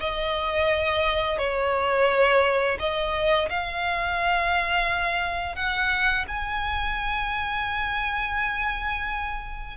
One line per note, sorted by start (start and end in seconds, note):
0.00 1.38 D#5
1.38 2.78 C#5
2.79 3.49 D#5
3.49 5.56 F5
5.56 6.25 F#5
6.28 9.77 G#5